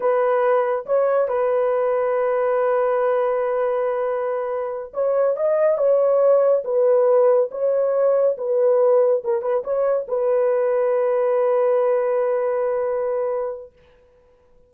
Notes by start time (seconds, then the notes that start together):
0.00 B4
0.86 C#5
1.28 B4
4.93 C#5
5.36 D#5
5.77 C#5
6.64 B4
7.51 C#5
8.37 B4
9.24 A#4
9.41 B4
9.64 C#5
10.08 B4